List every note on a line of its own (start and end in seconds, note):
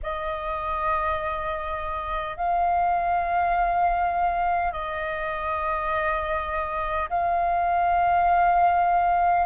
0.02 2.36 D#5
2.36 4.72 F5
4.72 7.09 D#5
7.09 9.46 F5